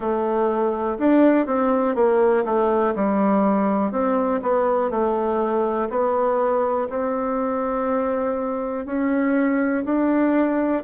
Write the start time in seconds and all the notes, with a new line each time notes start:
0.00 A3
0.98 D4
1.46 C4
1.95 A#3
2.44 A3
2.95 G3
3.91 C4
4.42 B3
4.90 A3
5.89 B3
6.89 C4
8.85 C#4
9.84 D4